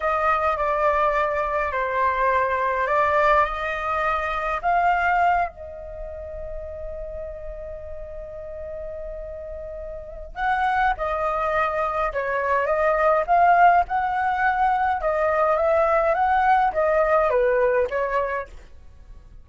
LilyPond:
\new Staff \with { instrumentName = "flute" } { \time 4/4 \tempo 4 = 104 dis''4 d''2 c''4~ | c''4 d''4 dis''2 | f''4. dis''2~ dis''8~ | dis''1~ |
dis''2 fis''4 dis''4~ | dis''4 cis''4 dis''4 f''4 | fis''2 dis''4 e''4 | fis''4 dis''4 b'4 cis''4 | }